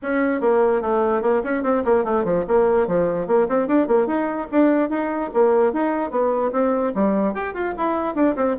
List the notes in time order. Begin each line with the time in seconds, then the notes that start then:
0.02 C#4
0.40 A#3
0.81 A3
1.22 A#3
1.43 C#4
1.63 C4
1.84 A#3
2.04 A3
2.24 F3
2.47 A#3
2.87 F3
3.27 A#3
3.48 C4
3.67 D4
3.87 A#3
4.06 D#4
4.51 D4
4.89 D#4
5.33 A#3
5.72 D#4
6.11 B3
6.52 C4
6.95 G3
7.34 G4
7.54 F4
7.77 E4
8.15 D4
8.36 C4